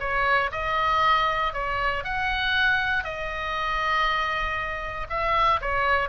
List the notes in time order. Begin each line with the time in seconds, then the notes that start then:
0.00 C#5
0.51 D#5
1.53 C#5
2.04 F#5
3.04 D#5
5.10 E5
5.61 C#5